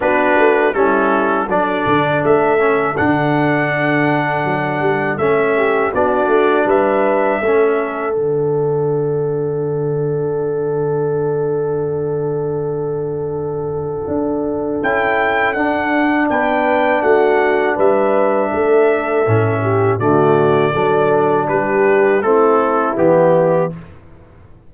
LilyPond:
<<
  \new Staff \with { instrumentName = "trumpet" } { \time 4/4 \tempo 4 = 81 b'4 a'4 d''4 e''4 | fis''2. e''4 | d''4 e''2 fis''4~ | fis''1~ |
fis''1 | g''4 fis''4 g''4 fis''4 | e''2. d''4~ | d''4 b'4 a'4 g'4 | }
  \new Staff \with { instrumentName = "horn" } { \time 4/4 fis'4 e'4 a'2~ | a'2.~ a'8 g'8 | fis'4 b'4 a'2~ | a'1~ |
a'1~ | a'2 b'4 fis'4 | b'4 a'4. g'8 fis'4 | a'4 g'4 e'2 | }
  \new Staff \with { instrumentName = "trombone" } { \time 4/4 d'4 cis'4 d'4. cis'8 | d'2. cis'4 | d'2 cis'4 d'4~ | d'1~ |
d'1 | e'4 d'2.~ | d'2 cis'4 a4 | d'2 c'4 b4 | }
  \new Staff \with { instrumentName = "tuba" } { \time 4/4 b8 a8 g4 fis8 d8 a4 | d2 fis8 g8 a4 | b8 a8 g4 a4 d4~ | d1~ |
d2. d'4 | cis'4 d'4 b4 a4 | g4 a4 a,4 d4 | fis4 g4 a4 e4 | }
>>